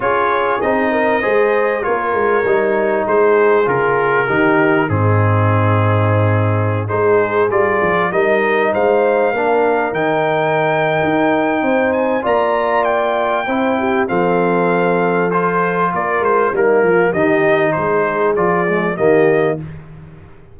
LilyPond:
<<
  \new Staff \with { instrumentName = "trumpet" } { \time 4/4 \tempo 4 = 98 cis''4 dis''2 cis''4~ | cis''4 c''4 ais'2 | gis'2.~ gis'16 c''8.~ | c''16 d''4 dis''4 f''4.~ f''16~ |
f''16 g''2.~ g''16 gis''8 | ais''4 g''2 f''4~ | f''4 c''4 d''8 c''8 ais'4 | dis''4 c''4 d''4 dis''4 | }
  \new Staff \with { instrumentName = "horn" } { \time 4/4 gis'4. ais'8 c''4 ais'4~ | ais'4 gis'2 g'4 | dis'2.~ dis'16 gis'8.~ | gis'4~ gis'16 ais'4 c''4 ais'8.~ |
ais'2. c''4 | d''2 c''8 g'8 a'4~ | a'2 ais'4 dis'8 f'8 | g'4 gis'2 g'4 | }
  \new Staff \with { instrumentName = "trombone" } { \time 4/4 f'4 dis'4 gis'4 f'4 | dis'2 f'4 dis'4 | c'2.~ c'16 dis'8.~ | dis'16 f'4 dis'2 d'8.~ |
d'16 dis'2.~ dis'8. | f'2 e'4 c'4~ | c'4 f'2 ais4 | dis'2 f'8 gis8 ais4 | }
  \new Staff \with { instrumentName = "tuba" } { \time 4/4 cis'4 c'4 gis4 ais8 gis8 | g4 gis4 cis4 dis4 | gis,2.~ gis,16 gis8.~ | gis16 g8 f8 g4 gis4 ais8.~ |
ais16 dis4.~ dis16 dis'4 c'4 | ais2 c'4 f4~ | f2 ais8 gis8 g8 f8 | dis4 gis4 f4 dis4 | }
>>